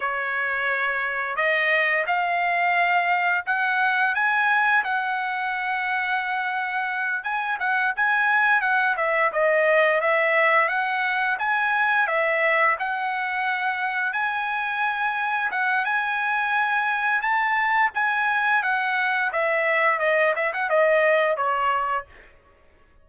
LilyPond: \new Staff \with { instrumentName = "trumpet" } { \time 4/4 \tempo 4 = 87 cis''2 dis''4 f''4~ | f''4 fis''4 gis''4 fis''4~ | fis''2~ fis''8 gis''8 fis''8 gis''8~ | gis''8 fis''8 e''8 dis''4 e''4 fis''8~ |
fis''8 gis''4 e''4 fis''4.~ | fis''8 gis''2 fis''8 gis''4~ | gis''4 a''4 gis''4 fis''4 | e''4 dis''8 e''16 fis''16 dis''4 cis''4 | }